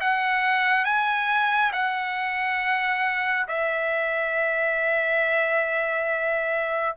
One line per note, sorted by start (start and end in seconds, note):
0.00 0.85 F#5
0.85 1.72 G#5
1.72 3.46 F#5
3.48 6.96 E5